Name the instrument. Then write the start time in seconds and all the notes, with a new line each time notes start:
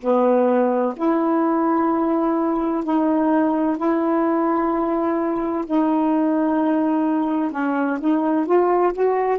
saxophone
0.00 B3
0.96 E4
2.84 D#4
3.77 E4
5.66 D#4
7.51 C#4
8.00 D#4
8.46 F4
8.93 F#4